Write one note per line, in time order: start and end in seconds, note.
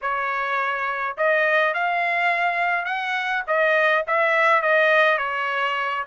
0.01 1.17 C#5
1.17 1.74 D#5
1.74 2.85 F5
2.85 3.43 F#5
3.47 4.04 D#5
4.07 4.62 E5
4.62 5.18 D#5
5.18 6.04 C#5